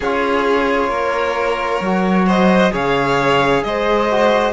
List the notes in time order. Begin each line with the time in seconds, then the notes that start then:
0.00 C#4 F4 G#4 C#5
0.88 A#3 A#4
1.80 F#3 F#4
2.26 C5 D#5
2.71 C#3 G#4 C#5 F5
3.63 G#3 C5 D#5
4.10 F#4